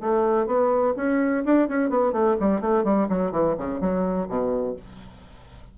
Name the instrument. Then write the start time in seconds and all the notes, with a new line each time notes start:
bassoon
0.00 A3
0.46 B3
0.96 C#4
1.45 D4
1.68 C#4
1.89 B3
2.12 A3
2.40 G3
2.61 A3
2.84 G3
3.09 F#3
3.32 E3
3.57 C#3
3.80 F#3
4.28 B2